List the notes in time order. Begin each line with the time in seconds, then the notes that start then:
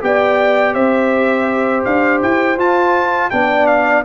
0.00 B3 G4 D5 G5
0.74 C4 C5 E5
1.84 D4 F5
2.22 E4 G5
2.56 F4 A5
3.30 B3 D4 D5 G5
3.66 F5